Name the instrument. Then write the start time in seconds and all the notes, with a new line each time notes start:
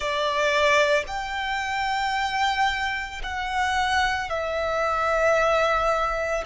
violin
0.00 D5
1.07 G5
3.23 F#5
4.29 E5